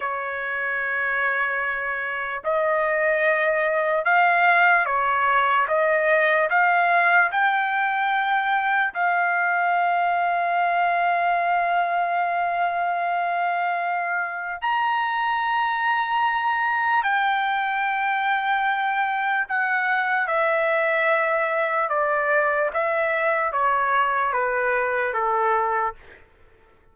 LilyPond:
\new Staff \with { instrumentName = "trumpet" } { \time 4/4 \tempo 4 = 74 cis''2. dis''4~ | dis''4 f''4 cis''4 dis''4 | f''4 g''2 f''4~ | f''1~ |
f''2 ais''2~ | ais''4 g''2. | fis''4 e''2 d''4 | e''4 cis''4 b'4 a'4 | }